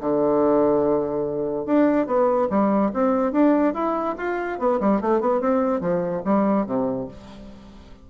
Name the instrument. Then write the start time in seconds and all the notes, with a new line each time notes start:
bassoon
0.00 D3
1.66 D4
2.07 B3
2.50 G3
2.94 C4
3.32 D4
3.74 E4
4.17 F4
4.59 B3
4.80 G3
5.01 A3
5.21 B3
5.41 C4
5.81 F3
6.24 G3
6.66 C3